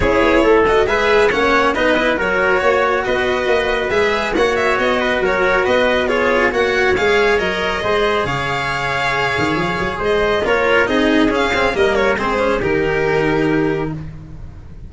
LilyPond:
<<
  \new Staff \with { instrumentName = "violin" } { \time 4/4 \tempo 4 = 138 cis''4. dis''8 e''4 fis''4 | dis''4 cis''2 dis''4~ | dis''4 e''4 fis''8 e''8 dis''4 | cis''4 dis''4 cis''4 fis''4 |
f''4 dis''2 f''4~ | f''2. dis''4 | cis''4 dis''4 f''4 dis''8 cis''8 | c''4 ais'2. | }
  \new Staff \with { instrumentName = "trumpet" } { \time 4/4 gis'4 a'4 b'4 cis''4 | b'4 ais'4 cis''4 b'4~ | b'2 cis''4. b'8 | ais'4 b'4 gis'4 cis''4~ |
cis''2 c''4 cis''4~ | cis''2. c''4 | ais'4 gis'2 ais'4 | gis'4 g'2. | }
  \new Staff \with { instrumentName = "cello" } { \time 4/4 e'4. fis'8 gis'4 cis'4 | dis'8 e'8 fis'2.~ | fis'4 gis'4 fis'2~ | fis'2 f'4 fis'4 |
gis'4 ais'4 gis'2~ | gis'1 | f'4 dis'4 cis'8 c'8 ais4 | c'8 cis'8 dis'2. | }
  \new Staff \with { instrumentName = "tuba" } { \time 4/4 cis'8 b8 a4 gis4 ais4 | b4 fis4 ais4 b4 | ais4 gis4 ais4 b4 | fis4 b2 ais4 |
gis4 fis4 gis4 cis4~ | cis4. dis8 f8 fis8 gis4 | ais4 c'4 cis'4 g4 | gis4 dis2. | }
>>